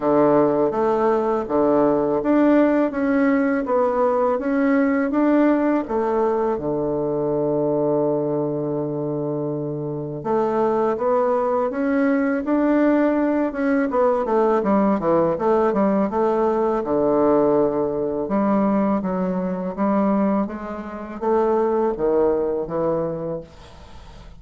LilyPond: \new Staff \with { instrumentName = "bassoon" } { \time 4/4 \tempo 4 = 82 d4 a4 d4 d'4 | cis'4 b4 cis'4 d'4 | a4 d2.~ | d2 a4 b4 |
cis'4 d'4. cis'8 b8 a8 | g8 e8 a8 g8 a4 d4~ | d4 g4 fis4 g4 | gis4 a4 dis4 e4 | }